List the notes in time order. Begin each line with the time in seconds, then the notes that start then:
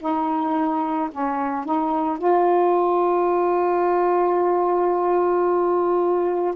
0.00 D#4
1.12 C#4
1.66 D#4
2.19 F4